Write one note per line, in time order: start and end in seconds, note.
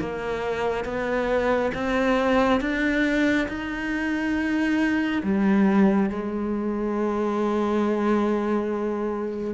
0.00 0.85 A#3
0.85 1.72 B3
1.74 2.61 C4
2.61 3.48 D4
3.48 5.22 D#4
5.23 6.10 G3
6.10 9.55 G#3